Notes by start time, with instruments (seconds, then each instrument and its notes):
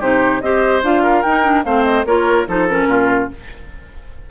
0.00 bassoon C3, clarinet D#4, oboe G4, flute C5
0.41 bassoon C4, clarinet G4, oboe C5, flute D#5
0.83 bassoon D4, clarinet F4, flute F5
1.03 oboe A#4
1.23 bassoon D#4, clarinet D#4, flute G5
1.44 clarinet D4
1.65 bassoon A3, clarinet C4, oboe C5, flute F5
1.85 flute D#5
2.05 bassoon A#3, clarinet F4, oboe A#4, flute C#5
2.48 bassoon F3, clarinet D#4, oboe A4, flute C5
2.69 clarinet C#4, flute A#4
2.87 bassoon A#2, oboe F4